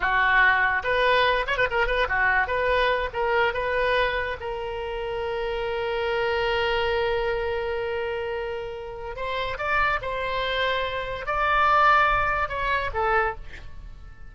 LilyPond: \new Staff \with { instrumentName = "oboe" } { \time 4/4 \tempo 4 = 144 fis'2 b'4. cis''16 b'16 | ais'8 b'8 fis'4 b'4. ais'8~ | ais'8 b'2 ais'4.~ | ais'1~ |
ais'1~ | ais'2 c''4 d''4 | c''2. d''4~ | d''2 cis''4 a'4 | }